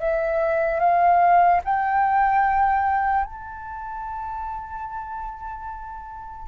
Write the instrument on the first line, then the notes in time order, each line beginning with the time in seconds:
flute
0.00 E5
0.80 F5
1.64 G5
3.25 A5